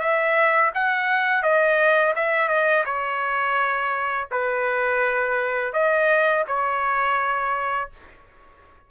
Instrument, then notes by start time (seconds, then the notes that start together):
trumpet
0.00 E5
0.75 F#5
1.43 D#5
2.16 E5
2.49 D#5
2.85 C#5
4.31 B4
5.73 D#5
6.48 C#5